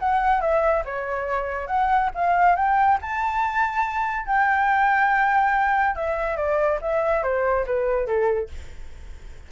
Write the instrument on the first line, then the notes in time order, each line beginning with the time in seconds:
flute
0.00 F#5
0.41 E5
0.85 C#5
1.68 F#5
2.15 F5
2.56 G5
3.02 A5
4.27 G5
5.96 E5
6.37 D5
6.82 E5
7.24 C5
7.67 B4
8.07 A4